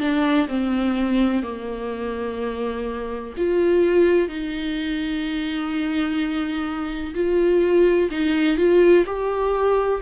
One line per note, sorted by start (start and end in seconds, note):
0.00 0.48 D4
0.48 1.43 C4
1.43 3.34 A#3
3.37 4.29 F4
4.29 7.14 D#4
7.15 8.10 F4
8.11 8.58 D#4
8.58 9.05 F4
9.06 10.01 G4